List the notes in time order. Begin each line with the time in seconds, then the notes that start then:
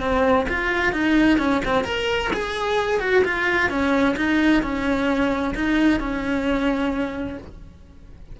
0.00 C4
0.49 F4
0.93 D#4
1.38 C#4
1.65 C4
1.84 A#4
2.33 G#4
3.00 F#4
3.25 F4
3.69 C#4
4.16 D#4
4.62 C#4
5.55 D#4
6.00 C#4